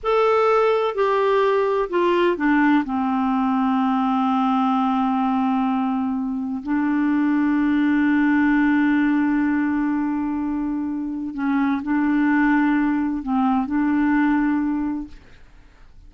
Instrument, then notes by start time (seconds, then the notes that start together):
clarinet
0.03 A4
0.94 G4
1.89 F4
2.36 D4
2.85 C4
6.63 D4
11.34 C#4
11.82 D4
13.22 C4
13.66 D4